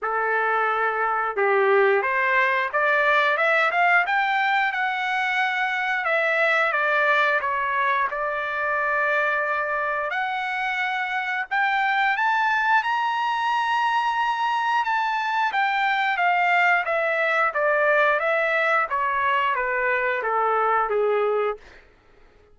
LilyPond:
\new Staff \with { instrumentName = "trumpet" } { \time 4/4 \tempo 4 = 89 a'2 g'4 c''4 | d''4 e''8 f''8 g''4 fis''4~ | fis''4 e''4 d''4 cis''4 | d''2. fis''4~ |
fis''4 g''4 a''4 ais''4~ | ais''2 a''4 g''4 | f''4 e''4 d''4 e''4 | cis''4 b'4 a'4 gis'4 | }